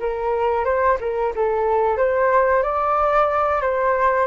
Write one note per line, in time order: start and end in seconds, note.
0.00 0.65 A#4
0.65 0.98 C5
1.01 1.34 A#4
1.36 1.98 A4
1.98 2.63 C5
2.63 3.62 D5
3.62 4.27 C5